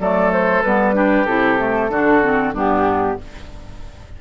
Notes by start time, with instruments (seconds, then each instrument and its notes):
0.00 bassoon F#3, clarinet A3, oboe A4, flute D5
0.33 flute C5
0.63 bassoon G3, clarinet B3, flute B4
0.94 clarinet D4, oboe G4
1.26 bassoon C3, clarinet E4, flute A4
1.59 clarinet A3
1.89 bassoon D3, clarinet D4, oboe F#4
2.23 clarinet C4
2.53 bassoon G2, clarinet B3, oboe D4, flute G4